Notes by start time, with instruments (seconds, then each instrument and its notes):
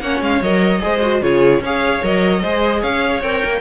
0.00 cello A#3, viola C#4, violin C#5 F#5
0.21 cello G#3, violin F5
0.41 cello F#3, viola A#4, violin D#5
0.80 cello G#3, viola G#4, violin C5
1.01 viola F#4
1.21 cello C#3, viola F4, violin G#4 C#5
1.60 cello C#4, viola G#4, violin C#5 F5
2.02 cello F#3, viola A#4, violin D#5
2.41 cello G#3, viola G#4, violin C5
2.81 cello C#4, violin C#5 F5
3.22 cello C4, viola A#4, violin G5
3.44 cello A#3